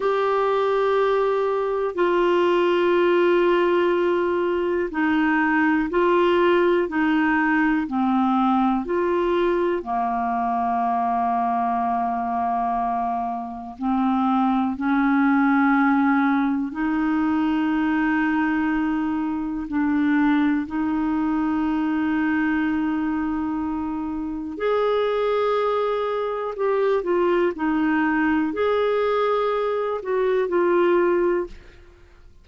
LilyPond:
\new Staff \with { instrumentName = "clarinet" } { \time 4/4 \tempo 4 = 61 g'2 f'2~ | f'4 dis'4 f'4 dis'4 | c'4 f'4 ais2~ | ais2 c'4 cis'4~ |
cis'4 dis'2. | d'4 dis'2.~ | dis'4 gis'2 g'8 f'8 | dis'4 gis'4. fis'8 f'4 | }